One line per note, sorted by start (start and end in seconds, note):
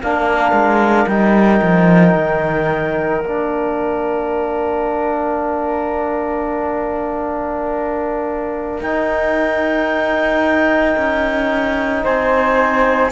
0.00 0.52 A#3
0.00 1.09 D4
0.00 12.03 A#4
0.00 1.07 F5
0.52 1.05 G#3
1.07 1.60 G3
1.07 3.23 D#4
1.07 3.21 G5
1.62 2.14 F3
2.14 3.20 D#3
3.20 8.80 A#3
3.20 8.83 D4
3.20 8.82 F5
8.80 10.95 D#4
8.80 13.11 D#4
8.80 12.03 G5
10.97 12.04 C#4
12.03 13.12 C4
12.03 13.10 C5
12.03 13.12 G#5